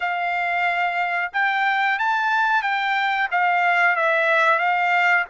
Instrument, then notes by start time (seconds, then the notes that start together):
trumpet
0.00 F5
1.32 G5
1.98 A5
2.62 G5
3.31 F5
3.96 E5
4.58 F5